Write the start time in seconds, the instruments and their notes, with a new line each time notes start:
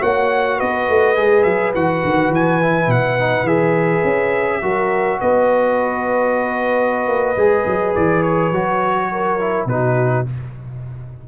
0.00 tuba A#3, trombone F#4, horn C#5, trumpet F#5
0.57 tuba B3, horn B4, trumpet D#5
0.89 tuba A3
1.15 tuba G#3, trombone G#4
1.43 tuba F#3, trumpet E5
1.74 tuba E3, trombone F#4, trumpet F#5
2.04 tuba D#3
2.29 tuba E3, trumpet G#5
2.62 trombone E4
2.87 tuba B2, trumpet F#5
3.19 trombone D#4
3.43 tuba E3, trombone G#4, trumpet E5
4.03 tuba C#4
4.62 tuba F#3, trombone F#4, horn A#4
5.20 tuba B3, horn B4, trumpet D#5
7.07 tuba A#3
7.36 tuba G#3, trombone G#4
7.66 tuba F#3
7.95 tuba E3, trumpet D5
8.22 trumpet C#5
8.51 tuba F#3, trombone F#4
9.11 horn A#4
9.39 trombone E4
9.65 tuba B2, trombone D#4, horn F#4, trumpet B4